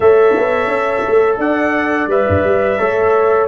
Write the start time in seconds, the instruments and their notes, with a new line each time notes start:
0.00 tuba A3, trombone A4, horn C#5, trumpet E5
0.36 tuba B3
0.66 tuba C#4
1.06 tuba A3
1.38 tuba D4, horn D5, trumpet F#5
2.07 tuba G3, trombone B4, trumpet E5
2.28 tuba G2
2.43 tuba G3
2.78 tuba A3, trombone A4, horn C#5